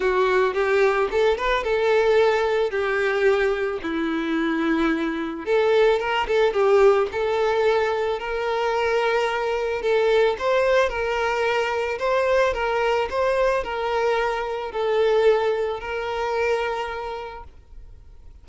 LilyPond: \new Staff \with { instrumentName = "violin" } { \time 4/4 \tempo 4 = 110 fis'4 g'4 a'8 b'8 a'4~ | a'4 g'2 e'4~ | e'2 a'4 ais'8 a'8 | g'4 a'2 ais'4~ |
ais'2 a'4 c''4 | ais'2 c''4 ais'4 | c''4 ais'2 a'4~ | a'4 ais'2. | }